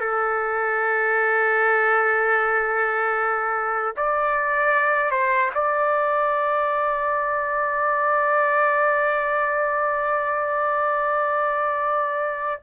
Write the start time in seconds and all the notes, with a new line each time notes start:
0.00 A4
3.97 D5
5.11 C5
5.54 D5